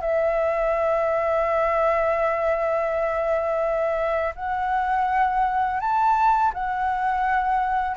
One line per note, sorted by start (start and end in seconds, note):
0.00 4.34 E5
4.35 5.80 F#5
5.80 6.52 A5
6.54 7.96 F#5